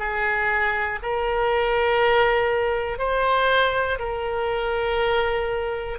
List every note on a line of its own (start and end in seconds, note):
0.00 1.00 G#4
1.03 2.99 A#4
2.99 3.99 C5
3.99 5.99 A#4